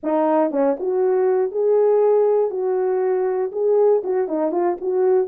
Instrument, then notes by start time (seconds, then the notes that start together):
horn
0.03 D#4
0.51 C#4
0.79 F#4
1.51 G#4
2.50 F#4
3.52 G#4
4.03 F#4
4.28 D#4
4.51 F4
4.81 F#4